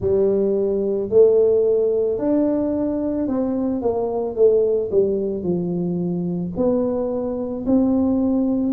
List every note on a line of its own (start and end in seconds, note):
0.00 1.09 G3
1.09 2.18 A3
2.18 3.27 D4
3.27 3.81 C4
3.81 4.35 A#3
4.35 4.90 A3
4.90 5.43 G3
5.43 6.52 F3
6.56 7.65 B3
7.66 8.72 C4